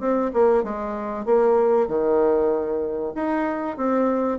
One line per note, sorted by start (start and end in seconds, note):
0.00 0.31 C4
0.34 0.63 A#3
0.63 1.26 G#3
1.26 1.88 A#3
1.88 3.13 D#3
3.15 3.77 D#4
3.77 4.39 C4